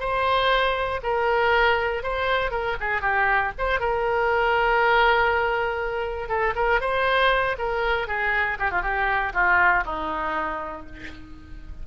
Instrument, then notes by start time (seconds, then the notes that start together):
oboe
0.00 C5
1.03 A#4
2.03 C5
2.51 A#4
2.81 G#4
3.02 G4
3.58 C5
3.80 A#4
6.29 A4
6.55 A#4
6.81 C5
7.59 A#4
8.08 G#4
8.59 G4
8.71 F4
8.82 G4
9.33 F4
9.85 D#4